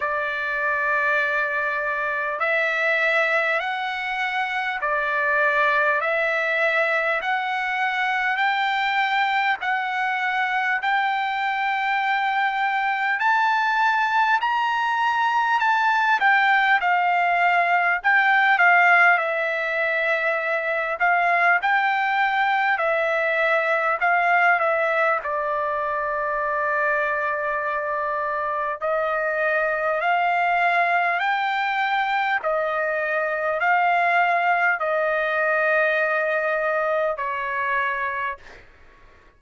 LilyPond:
\new Staff \with { instrumentName = "trumpet" } { \time 4/4 \tempo 4 = 50 d''2 e''4 fis''4 | d''4 e''4 fis''4 g''4 | fis''4 g''2 a''4 | ais''4 a''8 g''8 f''4 g''8 f''8 |
e''4. f''8 g''4 e''4 | f''8 e''8 d''2. | dis''4 f''4 g''4 dis''4 | f''4 dis''2 cis''4 | }